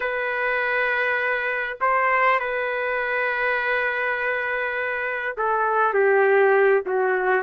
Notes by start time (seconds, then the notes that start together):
0.00 B4
1.81 C5
2.39 B4
5.37 A4
5.93 G4
6.86 F#4